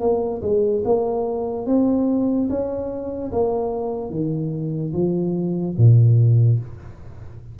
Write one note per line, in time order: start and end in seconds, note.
0.00 0.41 A#3
0.41 0.83 G#3
0.84 1.66 A#3
1.66 2.48 C4
2.49 3.31 C#4
3.31 4.10 A#3
4.10 4.92 D#3
4.93 5.75 F3
5.77 6.59 A#2